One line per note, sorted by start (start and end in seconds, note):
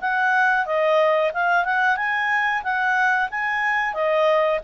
0.00 0.65 F#5
0.65 1.31 D#5
1.33 1.65 F5
1.65 1.96 F#5
1.96 2.62 G#5
2.63 3.29 F#5
3.30 3.94 G#5
3.94 4.59 D#5